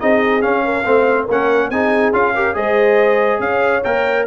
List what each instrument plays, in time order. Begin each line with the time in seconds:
0.00 tuba C4, trombone D#4, horn G#4, trumpet D#5
0.42 trombone C#4, tuba C#4, trumpet F5
0.65 horn A#4
0.86 tuba A3, trombone C4, horn C5
1.26 tuba A#3, trombone C#4, horn A#4, trumpet F#5
1.70 tuba C4, trombone D#4, horn G#4, trumpet G#5
2.13 tuba C#4, trombone F4, trumpet F5
2.35 trombone G4, horn A#4
2.55 tuba G#3, trombone G#4, horn C5, trumpet D#5
3.40 tuba C#4, horn C#5, trumpet F5
3.84 tuba A#3, trombone A#4, trumpet G5